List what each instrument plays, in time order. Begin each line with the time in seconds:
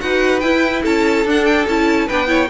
0.00 cello D#4, viola F#4, violin B4 F#5
0.40 cello E4, viola E4, violin G5
0.82 cello C#4, violin A4 A5
1.25 cello D4, viola D4, violin F#5
1.45 violin G5
1.67 cello C#4, viola E4, violin A5
2.07 cello B3, viola D4, violin B4 G5
2.27 viola E4, violin C#5